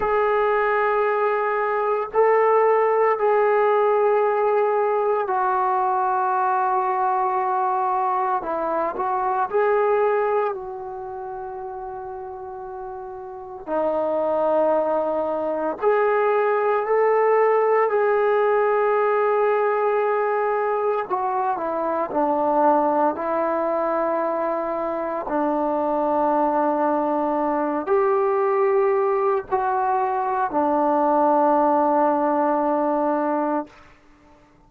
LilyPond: \new Staff \with { instrumentName = "trombone" } { \time 4/4 \tempo 4 = 57 gis'2 a'4 gis'4~ | gis'4 fis'2. | e'8 fis'8 gis'4 fis'2~ | fis'4 dis'2 gis'4 |
a'4 gis'2. | fis'8 e'8 d'4 e'2 | d'2~ d'8 g'4. | fis'4 d'2. | }